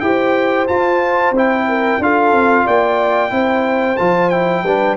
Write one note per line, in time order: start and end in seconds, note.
0.00 0.67 E4
0.00 0.68 G4
0.00 1.68 C5
0.00 0.66 G5
0.67 1.34 F4
0.67 1.31 F4
0.67 1.33 A5
1.31 1.97 C4
1.31 2.02 E4
1.37 2.03 G5
1.68 2.01 A#4
1.99 2.32 D4
1.99 3.30 F4
1.99 2.65 A4
1.99 2.67 F5
2.32 2.65 C4
2.65 3.31 A#3
2.65 3.31 D5
2.65 3.97 G5
3.30 3.97 C4
3.30 3.96 E4
3.30 4.65 C5
3.97 4.63 F3
3.97 4.31 F4
3.97 4.29 A5
4.29 4.65 E4
4.29 4.95 G5
4.63 4.96 G3
4.63 4.97 D4
4.63 4.97 B4